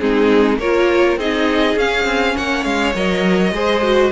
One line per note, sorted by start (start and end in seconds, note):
0.00 0.58 G#3
0.00 0.60 C4
0.00 0.60 D#4
0.00 0.59 G#4
0.58 1.17 A#3
0.58 1.20 F4
0.58 1.19 A#4
0.58 1.18 C#5
1.17 1.75 C4
1.17 1.78 D#4
1.17 2.36 G#4
1.17 1.79 D#5
1.76 2.05 C#4
1.76 2.95 C#4
1.76 2.37 F5
2.05 2.34 C4
2.36 2.65 A#3
2.36 3.54 C#5
2.36 2.64 F#5
2.64 2.95 G#3
2.64 2.94 F5
2.95 3.52 F#3
2.95 3.54 A#4
2.95 4.12 D#5
3.52 4.11 G#3
3.52 3.84 G#4
3.52 4.12 C5
3.84 4.12 F#4